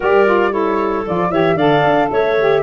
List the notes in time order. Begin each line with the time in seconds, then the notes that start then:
0.00 G3 G4 A#4 D5
0.25 F4
0.51 E4 A4 C#5
1.05 F3 F4 D5
1.30 E3 G4 C#5 E5
1.54 D3 A4 D5 F5
1.84 D4
2.10 A3 C#5 E5
2.38 G4